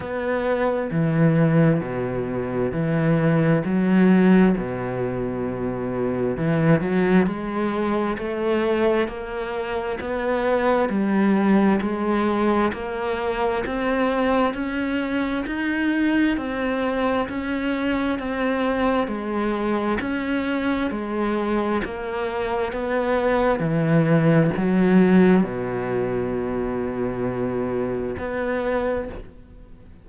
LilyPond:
\new Staff \with { instrumentName = "cello" } { \time 4/4 \tempo 4 = 66 b4 e4 b,4 e4 | fis4 b,2 e8 fis8 | gis4 a4 ais4 b4 | g4 gis4 ais4 c'4 |
cis'4 dis'4 c'4 cis'4 | c'4 gis4 cis'4 gis4 | ais4 b4 e4 fis4 | b,2. b4 | }